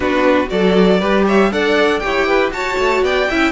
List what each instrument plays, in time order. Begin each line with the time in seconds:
0.00 cello B3, viola D4, violin F#4 B4
0.47 cello F#3, viola F#4, violin A4 D5
1.00 cello G3, viola G4, violin B4
1.26 violin C#5 E5
1.51 cello D4, viola A4, violin D5 F#5
1.99 cello E4, viola G4, violin C#5 G5
2.27 violin B4
2.51 cello F#4, viola F#4, violin C#5 A5
2.78 cello A3
3.02 cello B3, violin D5 G5
3.29 cello C#4, viola E4, violin E5